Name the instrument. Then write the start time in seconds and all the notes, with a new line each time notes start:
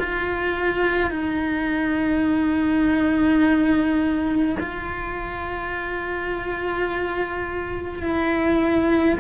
cello
0.00 F4
1.11 D#4
4.59 F4
8.03 E4